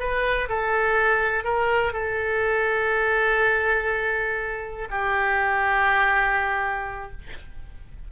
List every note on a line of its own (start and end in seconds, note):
0.00 0.49 B4
0.49 1.45 A4
1.45 1.93 A#4
1.93 4.88 A4
4.91 7.12 G4